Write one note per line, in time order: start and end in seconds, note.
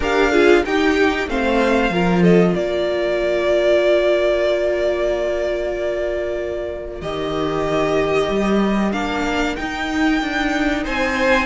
0.00 0.63 D4
0.00 0.32 G4
0.00 0.31 A#4
0.00 0.64 F5
0.31 0.64 F4
0.31 0.63 G#4
0.64 1.27 D#4
0.64 1.28 D#4
0.64 1.29 G4
0.64 1.28 G5
1.27 1.89 A3
1.27 1.91 C4
1.27 1.92 C5
1.27 2.23 F5
1.89 2.53 F3
1.89 7.02 F4
1.89 2.22 A#4
2.22 2.54 A4
2.22 2.55 D#5
2.54 7.01 A#3
2.54 10.84 A#4
2.54 7.01 D5
7.01 8.29 D#3
7.01 8.92 G4
7.01 8.92 D#5
8.29 8.93 G3
8.92 9.57 A#3
8.92 9.56 D4
8.92 9.55 F5
9.55 11.46 D#4
9.55 10.21 D#4
9.55 10.83 G5
10.21 10.85 D4
10.84 11.46 C4
10.84 11.46 C5
10.84 11.46 G#5